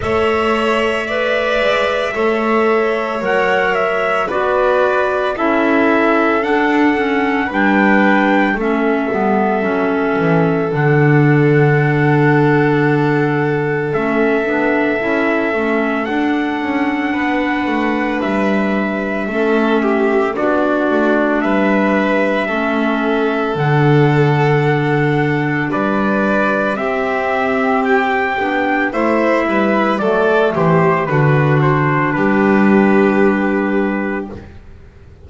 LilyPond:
<<
  \new Staff \with { instrumentName = "trumpet" } { \time 4/4 \tempo 4 = 56 e''2. fis''8 e''8 | d''4 e''4 fis''4 g''4 | e''2 fis''2~ | fis''4 e''2 fis''4~ |
fis''4 e''2 d''4 | e''2 fis''2 | d''4 e''4 g''4 e''4 | d''8 c''8 b'8 c''8 b'2 | }
  \new Staff \with { instrumentName = "violin" } { \time 4/4 cis''4 d''4 cis''2 | b'4 a'2 b'4 | a'1~ | a'1 |
b'2 a'8 g'8 fis'4 | b'4 a'2. | b'4 g'2 c''8 b'8 | a'8 g'8 fis'4 g'2 | }
  \new Staff \with { instrumentName = "clarinet" } { \time 4/4 a'4 b'4 a'4 ais'4 | fis'4 e'4 d'8 cis'8 d'4 | cis'8 b8 cis'4 d'2~ | d'4 cis'8 d'8 e'8 cis'8 d'4~ |
d'2 cis'4 d'4~ | d'4 cis'4 d'2~ | d'4 c'4. d'8 e'4 | a4 d'2. | }
  \new Staff \with { instrumentName = "double bass" } { \time 4/4 a4. gis8 a4 fis4 | b4 cis'4 d'4 g4 | a8 g8 fis8 e8 d2~ | d4 a8 b8 cis'8 a8 d'8 cis'8 |
b8 a8 g4 a4 b8 a8 | g4 a4 d2 | g4 c'4. b8 a8 g8 | fis8 e8 d4 g2 | }
>>